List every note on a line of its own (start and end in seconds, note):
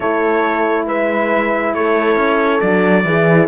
0.00 0.87 A3
0.00 2.61 E4
0.00 0.87 A4
0.00 0.86 C#5
0.87 1.74 G#3
0.87 1.74 B4
0.87 1.74 E5
1.74 2.16 A3
1.74 3.06 A4
1.74 2.60 C#5
2.16 2.59 C#4
2.60 3.04 F#3
2.60 3.05 D4
2.60 3.47 D5
3.04 3.48 E3
3.04 3.48 E4
3.04 3.48 G#4